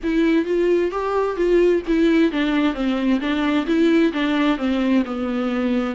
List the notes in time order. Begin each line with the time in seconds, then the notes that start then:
0.03 E4
0.45 F4
0.91 G4
1.36 F4
1.87 E4
2.31 D4
2.74 C4
3.20 D4
3.66 E4
4.12 D4
4.57 C4
5.05 B3